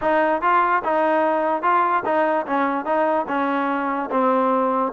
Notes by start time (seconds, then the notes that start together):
0.01 D#4
0.41 F4
0.84 D#4
1.62 F4
2.05 D#4
2.46 C#4
2.85 D#4
3.27 C#4
4.10 C4